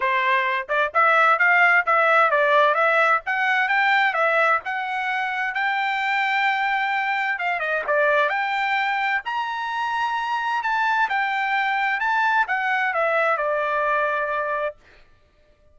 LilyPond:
\new Staff \with { instrumentName = "trumpet" } { \time 4/4 \tempo 4 = 130 c''4. d''8 e''4 f''4 | e''4 d''4 e''4 fis''4 | g''4 e''4 fis''2 | g''1 |
f''8 dis''8 d''4 g''2 | ais''2. a''4 | g''2 a''4 fis''4 | e''4 d''2. | }